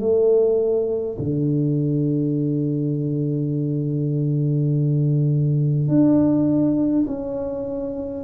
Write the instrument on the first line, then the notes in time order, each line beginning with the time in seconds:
tuba
0.00 A3
1.19 D3
5.89 D4
7.07 C#4